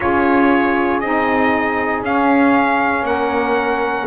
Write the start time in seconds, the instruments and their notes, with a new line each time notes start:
0.00 double bass C#4, saxophone F4, horn G#4, trumpet C#5
1.00 double bass C4, saxophone D#4, trumpet D#5
2.02 double bass C#4, saxophone C#4, trumpet F5
3.02 double bass A#3, horn A#4, trumpet F#5